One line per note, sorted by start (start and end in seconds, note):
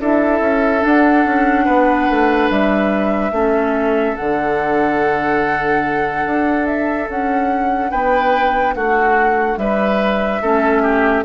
0.00 0.40 D4
0.00 0.80 E4
0.00 1.65 A4
0.00 0.84 E5
0.40 0.82 C#4
0.80 3.30 D4
0.80 1.25 D4
0.80 2.49 F#5
1.25 1.67 C#4
1.65 2.08 B3
1.65 3.31 B4
2.09 2.50 A3
2.49 3.31 G3
2.49 4.16 E5
3.31 4.15 A3
3.31 4.16 C#4
3.31 7.91 A4
4.16 6.25 D3
4.16 10.41 D4
4.16 6.66 F#5
6.25 7.08 D4
6.66 7.08 E5
7.08 7.91 C#4
7.08 7.90 F#5
7.90 8.75 B3
7.90 8.74 B4
7.90 8.74 G5
8.74 9.57 A3
8.74 9.59 F#4
8.74 9.58 F#5
9.57 10.40 G3
9.57 10.41 B4
9.57 11.24 E5
10.41 11.25 A3
10.41 11.25 C#4
10.41 10.82 A4
10.82 11.24 G4